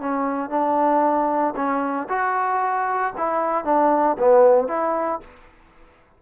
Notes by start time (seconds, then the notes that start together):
0.00 C#4
0.50 D4
1.56 C#4
2.09 F#4
3.18 E4
3.65 D4
4.19 B3
4.68 E4